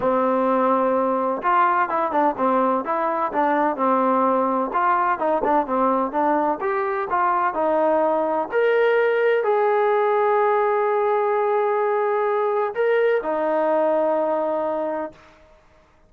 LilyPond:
\new Staff \with { instrumentName = "trombone" } { \time 4/4 \tempo 4 = 127 c'2. f'4 | e'8 d'8 c'4 e'4 d'4 | c'2 f'4 dis'8 d'8 | c'4 d'4 g'4 f'4 |
dis'2 ais'2 | gis'1~ | gis'2. ais'4 | dis'1 | }